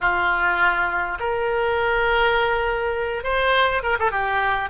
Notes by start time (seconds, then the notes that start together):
0.01 F4
1.19 A#4
3.23 C5
3.82 A#4
3.99 A4
4.11 G4